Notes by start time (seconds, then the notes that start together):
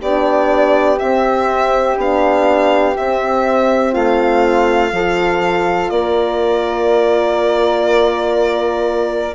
0.00 B3 D4 G4 D5
0.99 C4 E5
1.98 B3 D4 F5
2.97 C4 E5
3.93 A3 F4 F5
4.92 F3 F4 A4
5.90 A#3 A#4 D5